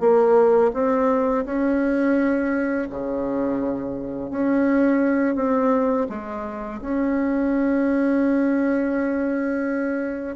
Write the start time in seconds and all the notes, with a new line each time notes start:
0.00 A#3
0.74 C4
1.45 C#4
2.90 C#3
4.31 C#4
5.35 C4
6.09 G#3
6.81 C#4